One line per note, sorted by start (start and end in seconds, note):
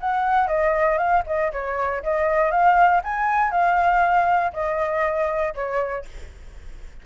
0.00 0.47 F#5
0.47 0.98 D#5
0.98 1.23 F5
1.27 1.52 D#5
1.52 2.03 C#5
2.03 2.51 D#5
2.51 3.02 F5
3.04 3.51 G#5
3.51 4.52 F5
4.53 5.54 D#5
5.55 6.05 C#5